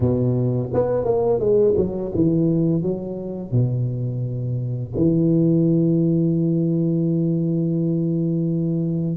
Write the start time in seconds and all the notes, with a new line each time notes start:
0.00 B2
0.73 B3
1.05 A#3
1.39 G#3
1.76 F#3
2.14 E3
2.82 F#3
3.51 B2
4.96 E3